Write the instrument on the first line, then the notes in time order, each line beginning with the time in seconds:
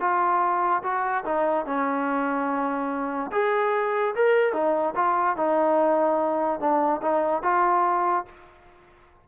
trombone
0.00 F4
0.83 F#4
1.25 D#4
1.66 C#4
3.32 G#4
4.15 A#4
4.53 D#4
4.95 F4
5.37 D#4
6.60 D4
7.02 D#4
7.43 F4